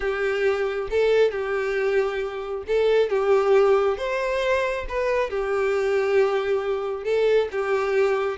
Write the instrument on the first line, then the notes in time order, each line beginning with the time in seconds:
violin
0.00 G4
0.90 A4
1.31 G4
2.67 A4
3.09 G4
3.97 C5
4.89 B4
5.30 G4
7.04 A4
7.51 G4